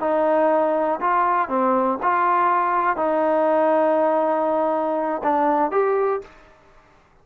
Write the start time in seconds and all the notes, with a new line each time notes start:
0.00 D#4
1.01 F4
1.48 C4
2.03 F4
2.97 D#4
5.23 D4
5.71 G4